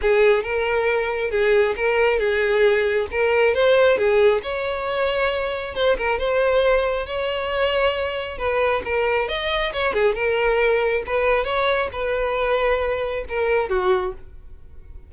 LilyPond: \new Staff \with { instrumentName = "violin" } { \time 4/4 \tempo 4 = 136 gis'4 ais'2 gis'4 | ais'4 gis'2 ais'4 | c''4 gis'4 cis''2~ | cis''4 c''8 ais'8 c''2 |
cis''2. b'4 | ais'4 dis''4 cis''8 gis'8 ais'4~ | ais'4 b'4 cis''4 b'4~ | b'2 ais'4 fis'4 | }